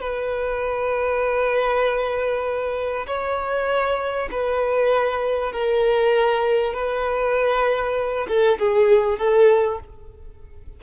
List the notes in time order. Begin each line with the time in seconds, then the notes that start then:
0.00 B4
3.06 C#5
4.31 B4
5.52 A#4
6.73 B4
8.28 A4
8.59 G#4
9.18 A4